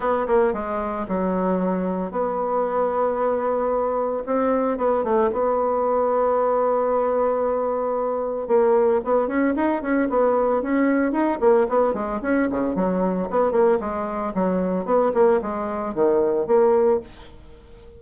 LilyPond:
\new Staff \with { instrumentName = "bassoon" } { \time 4/4 \tempo 4 = 113 b8 ais8 gis4 fis2 | b1 | c'4 b8 a8 b2~ | b1 |
ais4 b8 cis'8 dis'8 cis'8 b4 | cis'4 dis'8 ais8 b8 gis8 cis'8 cis8 | fis4 b8 ais8 gis4 fis4 | b8 ais8 gis4 dis4 ais4 | }